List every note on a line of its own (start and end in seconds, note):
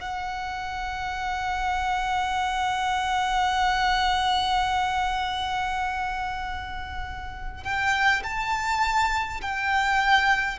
0.00 7.64 F#5
7.64 8.22 G5
8.24 9.41 A5
9.41 10.58 G5